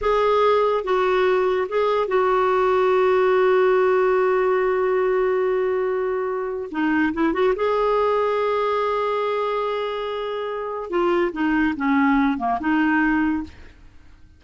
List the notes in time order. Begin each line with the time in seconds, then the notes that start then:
0.01 G#4
0.84 F#4
1.68 G#4
2.07 F#4
6.71 D#4
7.13 E4
7.33 F#4
7.55 G#4
10.89 F4
11.32 D#4
11.76 C#4
12.38 A#3
12.60 D#4